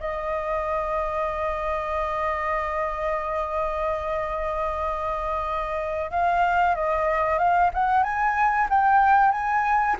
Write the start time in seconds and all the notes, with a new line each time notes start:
0.00 D#5
6.11 F5
6.75 D#5
7.38 F5
7.74 F#5
8.03 G#5
8.69 G5
9.31 G#5